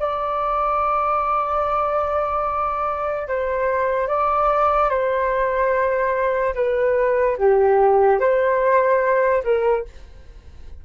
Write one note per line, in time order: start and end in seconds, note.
0.00 3.28 D5
3.28 4.08 C5
4.08 4.91 D5
4.91 6.55 C5
6.55 7.37 B4
7.38 8.20 G4
8.20 9.44 C5
9.44 9.86 A#4